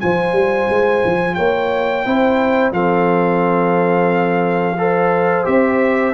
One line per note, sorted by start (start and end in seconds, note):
0.00 0.33 F3
0.00 2.05 F4
0.00 1.37 C5
0.00 1.35 G#5
0.33 0.67 G3
0.70 1.04 G#3
1.05 1.38 F3
1.35 2.06 A#3
1.35 2.05 C#5
1.35 2.71 G5
2.05 2.72 C4
2.05 2.72 E4
2.05 2.73 C5
2.72 5.45 F3
2.72 4.77 C4
2.72 4.78 A4
2.72 5.46 F5
4.78 5.44 A4
4.78 6.14 C5
5.44 6.14 C4
5.44 6.13 G4
5.44 6.14 E5